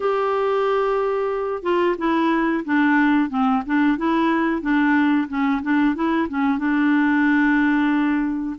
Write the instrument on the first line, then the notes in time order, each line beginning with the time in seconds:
clarinet
0.00 G4
1.62 F4
1.98 E4
2.64 D4
3.29 C4
3.66 D4
3.97 E4
4.61 D4
5.28 C#4
5.62 D4
5.95 E4
6.28 C#4
6.58 D4